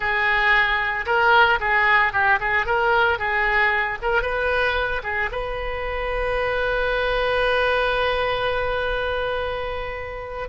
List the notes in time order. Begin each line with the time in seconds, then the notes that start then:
0.00 G#4
1.05 A#4
1.60 G#4
2.12 G4
2.40 G#4
2.65 A#4
3.18 G#4
4.02 A#4
4.22 B4
5.03 G#4
5.31 B4